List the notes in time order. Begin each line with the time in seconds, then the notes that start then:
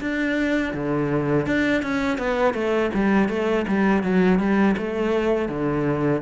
0.00 D4
0.73 D3
1.46 D4
1.82 C#4
2.18 B3
2.53 A3
2.94 G3
3.29 A3
3.67 G3
4.03 F#3
4.39 G3
4.77 A3
5.48 D3